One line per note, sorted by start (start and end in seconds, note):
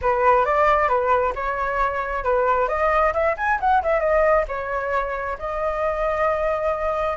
0.01 0.45 B4
0.45 0.88 D5
0.88 1.33 B4
1.35 2.23 C#5
2.23 2.68 B4
2.68 3.13 D#5
3.13 3.36 E5
3.37 3.59 G#5
3.60 3.82 F#5
3.83 4.00 E5
4.00 4.44 D#5
4.48 5.37 C#5
5.39 7.17 D#5